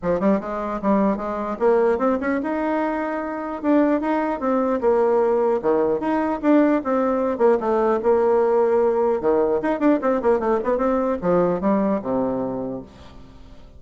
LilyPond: \new Staff \with { instrumentName = "bassoon" } { \time 4/4 \tempo 4 = 150 f8 g8 gis4 g4 gis4 | ais4 c'8 cis'8 dis'2~ | dis'4 d'4 dis'4 c'4 | ais2 dis4 dis'4 |
d'4 c'4. ais8 a4 | ais2. dis4 | dis'8 d'8 c'8 ais8 a8 b8 c'4 | f4 g4 c2 | }